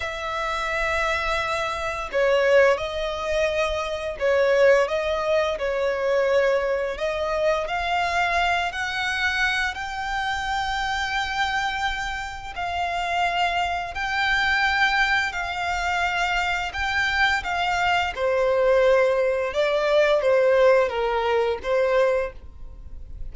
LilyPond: \new Staff \with { instrumentName = "violin" } { \time 4/4 \tempo 4 = 86 e''2. cis''4 | dis''2 cis''4 dis''4 | cis''2 dis''4 f''4~ | f''8 fis''4. g''2~ |
g''2 f''2 | g''2 f''2 | g''4 f''4 c''2 | d''4 c''4 ais'4 c''4 | }